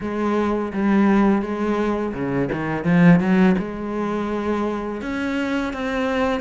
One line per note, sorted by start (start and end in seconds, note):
0.00 0.72 G#3
0.73 1.42 G3
1.42 2.13 G#3
2.13 2.49 C#3
2.52 2.84 D#3
2.84 3.19 F3
3.19 3.55 F#3
3.58 5.01 G#3
5.01 5.73 C#4
5.73 6.40 C4